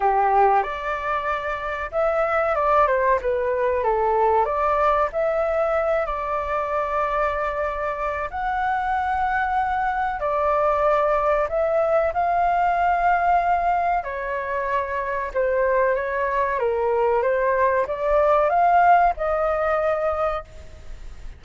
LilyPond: \new Staff \with { instrumentName = "flute" } { \time 4/4 \tempo 4 = 94 g'4 d''2 e''4 | d''8 c''8 b'4 a'4 d''4 | e''4. d''2~ d''8~ | d''4 fis''2. |
d''2 e''4 f''4~ | f''2 cis''2 | c''4 cis''4 ais'4 c''4 | d''4 f''4 dis''2 | }